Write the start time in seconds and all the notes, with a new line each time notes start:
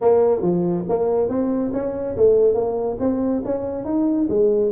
0.01 A#3
0.41 F3
0.89 A#3
1.29 C4
1.73 C#4
2.16 A3
2.54 A#3
2.99 C4
3.44 C#4
3.84 D#4
4.29 G#3